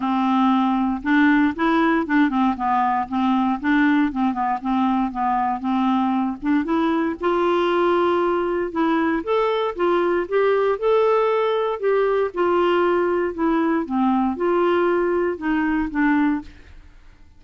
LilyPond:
\new Staff \with { instrumentName = "clarinet" } { \time 4/4 \tempo 4 = 117 c'2 d'4 e'4 | d'8 c'8 b4 c'4 d'4 | c'8 b8 c'4 b4 c'4~ | c'8 d'8 e'4 f'2~ |
f'4 e'4 a'4 f'4 | g'4 a'2 g'4 | f'2 e'4 c'4 | f'2 dis'4 d'4 | }